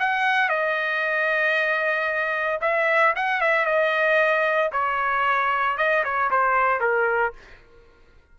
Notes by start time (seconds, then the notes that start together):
0.00 F#5
0.50 D#5
2.61 E5
3.16 F#5
3.42 E5
3.66 D#5
4.72 C#5
5.78 D#5
6.05 C#5
6.31 C5
6.81 A#4